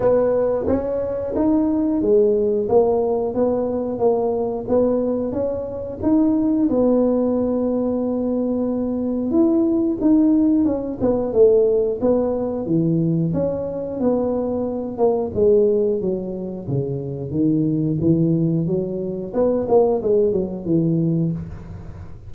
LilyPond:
\new Staff \with { instrumentName = "tuba" } { \time 4/4 \tempo 4 = 90 b4 cis'4 dis'4 gis4 | ais4 b4 ais4 b4 | cis'4 dis'4 b2~ | b2 e'4 dis'4 |
cis'8 b8 a4 b4 e4 | cis'4 b4. ais8 gis4 | fis4 cis4 dis4 e4 | fis4 b8 ais8 gis8 fis8 e4 | }